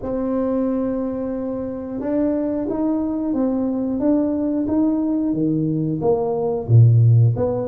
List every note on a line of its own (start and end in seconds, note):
0.02 2.00 C4
2.00 2.67 D4
2.69 3.33 D#4
3.33 3.99 C4
3.99 4.66 D4
4.67 5.33 D#4
5.33 5.99 D#3
6.01 6.67 A#3
6.68 7.35 A#2
7.36 7.68 B3